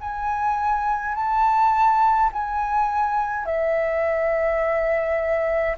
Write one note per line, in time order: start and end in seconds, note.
0.00 1.15 G#5
1.15 2.30 A5
2.33 3.46 G#5
3.46 5.76 E5